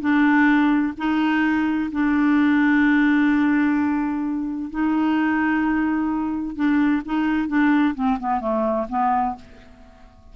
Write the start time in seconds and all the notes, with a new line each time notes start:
0.00 D4
0.97 D#4
1.91 D4
4.70 D#4
6.55 D4
7.05 D#4
7.48 D4
7.95 C4
8.19 B3
8.40 A3
8.89 B3